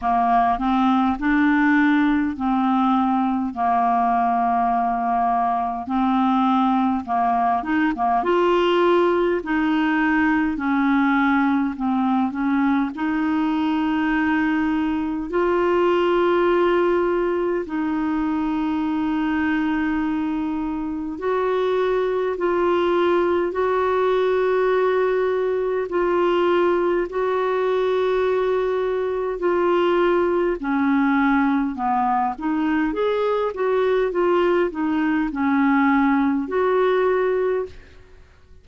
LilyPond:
\new Staff \with { instrumentName = "clarinet" } { \time 4/4 \tempo 4 = 51 ais8 c'8 d'4 c'4 ais4~ | ais4 c'4 ais8 dis'16 ais16 f'4 | dis'4 cis'4 c'8 cis'8 dis'4~ | dis'4 f'2 dis'4~ |
dis'2 fis'4 f'4 | fis'2 f'4 fis'4~ | fis'4 f'4 cis'4 b8 dis'8 | gis'8 fis'8 f'8 dis'8 cis'4 fis'4 | }